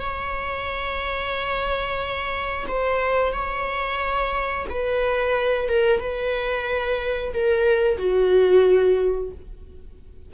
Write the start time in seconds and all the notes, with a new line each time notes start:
0.00 C#5
2.68 C5
3.33 C#5
4.70 B4
5.69 A#4
6.00 B4
7.34 A#4
7.98 F#4